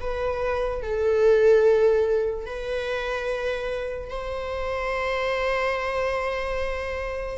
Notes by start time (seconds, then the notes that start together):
0.00 B4
0.82 A4
2.45 B4
4.09 C5